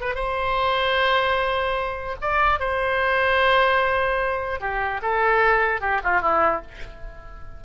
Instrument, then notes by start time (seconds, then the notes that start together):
oboe
0.00 B4
0.14 C5
2.21 D5
2.59 C5
4.60 G4
5.02 A4
5.80 G4
6.03 F4
6.21 E4